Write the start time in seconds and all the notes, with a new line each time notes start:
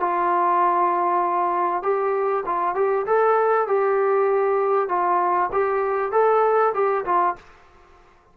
0.00 F4
1.83 G4
2.46 F4
2.76 G4
3.06 A4
3.68 G4
4.89 F4
5.52 G4
6.12 A4
6.75 G4
7.05 F4